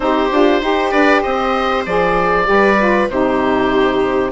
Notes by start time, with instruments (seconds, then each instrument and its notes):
0.00 bassoon C4, saxophone D#4, viola G4, oboe C5
0.31 bassoon D4, saxophone F4
0.61 bassoon D#4, saxophone G4, viola C5
0.91 bassoon D4, viola B4, oboe D5
1.21 bassoon C4, viola C5, oboe D#5
1.85 bassoon F3, saxophone G#4, oboe D5
2.44 bassoon G3, saxophone G4, viola B4
2.78 saxophone F4
3.09 bassoon C3, saxophone D#4, viola G4, oboe C5